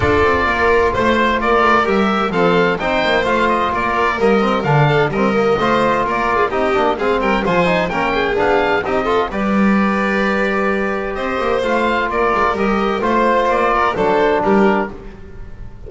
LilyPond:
<<
  \new Staff \with { instrumentName = "oboe" } { \time 4/4 \tempo 4 = 129 d''2 c''4 d''4 | e''4 f''4 g''4 f''8 dis''8 | d''4 dis''4 f''4 dis''4~ | dis''4 d''4 dis''4 f''8 g''8 |
gis''4 g''4 f''4 dis''4 | d''1 | dis''4 f''4 d''4 dis''4 | c''4 d''4 c''4 ais'4 | }
  \new Staff \with { instrumentName = "violin" } { \time 4/4 a'4 ais'4 c''4 ais'4~ | ais'4 a'4 c''2 | ais'2~ ais'8 a'8 ais'4 | c''4 ais'8. gis'16 g'4 gis'8 ais'8 |
c''4 ais'8 gis'4. g'8 a'8 | b'1 | c''2 ais'2 | c''4. ais'8 a'4 g'4 | }
  \new Staff \with { instrumentName = "trombone" } { \time 4/4 f'1 | g'4 c'4 dis'4 f'4~ | f'4 ais8 c'8 d'4 c'8 ais8 | f'2 dis'8 d'8 c'4 |
f'8 dis'8 cis'4 d'4 dis'8 f'8 | g'1~ | g'4 f'2 g'4 | f'2 d'2 | }
  \new Staff \with { instrumentName = "double bass" } { \time 4/4 d'8 c'8 ais4 a4 ais8 a8 | g4 f4 c'8 ais8 a4 | ais4 g4 d4 g4 | a4 ais4 c'8 ais8 gis8 g8 |
f4 ais4 b4 c'4 | g1 | c'8 ais8 a4 ais8 gis8 g4 | a4 ais4 fis4 g4 | }
>>